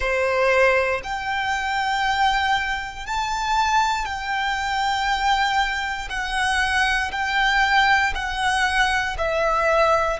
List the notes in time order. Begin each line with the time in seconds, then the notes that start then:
0.00 C5
1.04 G5
3.06 A5
4.04 G5
6.09 F#5
7.11 G5
8.14 F#5
9.18 E5